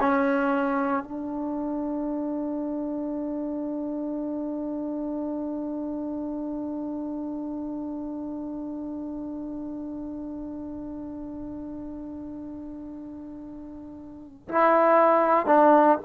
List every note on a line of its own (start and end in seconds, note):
0.00 1.03 C#4
1.03 14.48 D4
14.49 15.46 E4
15.46 15.98 D4